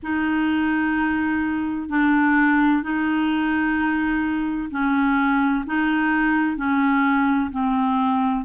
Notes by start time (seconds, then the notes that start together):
0.03 D#4
1.89 D4
2.82 D#4
4.70 C#4
5.65 D#4
6.56 C#4
7.51 C4